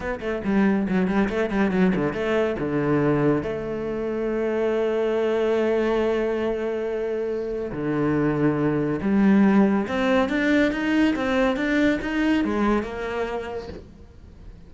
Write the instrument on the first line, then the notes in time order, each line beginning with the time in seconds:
cello
0.00 B3
0.20 A3
0.44 G3
0.88 F#3
1.07 G3
1.29 A3
1.50 G3
1.71 F#3
1.95 D3
2.13 A3
2.59 D3
3.42 A3
7.71 D3
9.01 G3
9.87 C4
10.29 D4
10.72 D#4
11.15 C4
11.56 D4
12.01 D#4
12.44 G#3
12.82 A#3